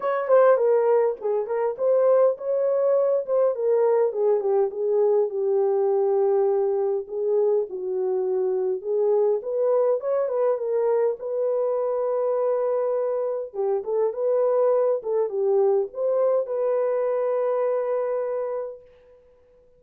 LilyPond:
\new Staff \with { instrumentName = "horn" } { \time 4/4 \tempo 4 = 102 cis''8 c''8 ais'4 gis'8 ais'8 c''4 | cis''4. c''8 ais'4 gis'8 g'8 | gis'4 g'2. | gis'4 fis'2 gis'4 |
b'4 cis''8 b'8 ais'4 b'4~ | b'2. g'8 a'8 | b'4. a'8 g'4 c''4 | b'1 | }